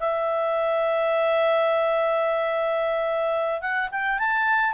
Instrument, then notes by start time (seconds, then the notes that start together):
clarinet
0.00 E5
3.62 F#5
3.92 G5
4.19 A5